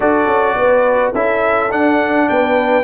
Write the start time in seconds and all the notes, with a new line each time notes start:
0.00 D4 F#4 A4 D5
0.26 C#4
0.55 B3 B4
1.12 C#4 E4 A4 E5
1.69 D4 F#5
2.28 B3 B4 G5